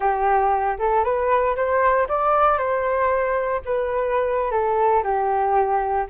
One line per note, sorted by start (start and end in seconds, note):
0.00 0.78 G4
0.79 1.04 A4
1.04 1.55 B4
1.55 2.07 C5
2.08 2.57 D5
2.57 3.61 C5
3.65 4.51 B4
4.51 5.03 A4
5.03 6.06 G4